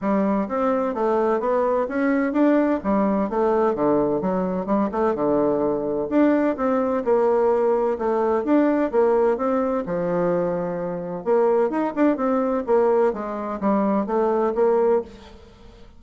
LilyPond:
\new Staff \with { instrumentName = "bassoon" } { \time 4/4 \tempo 4 = 128 g4 c'4 a4 b4 | cis'4 d'4 g4 a4 | d4 fis4 g8 a8 d4~ | d4 d'4 c'4 ais4~ |
ais4 a4 d'4 ais4 | c'4 f2. | ais4 dis'8 d'8 c'4 ais4 | gis4 g4 a4 ais4 | }